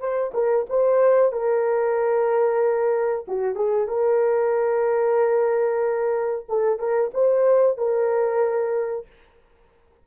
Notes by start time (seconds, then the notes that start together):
0.00 C5
0.34 A#4
0.70 C5
1.32 A#4
3.28 F#4
3.56 G#4
3.88 A#4
6.49 A4
6.79 A#4
7.14 C5
7.78 A#4